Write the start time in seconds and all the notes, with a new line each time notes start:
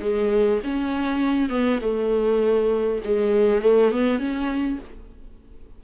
0.00 G#3
0.63 C#4
1.49 B3
1.81 A3
3.04 G#3
3.61 A3
3.91 B3
4.19 C#4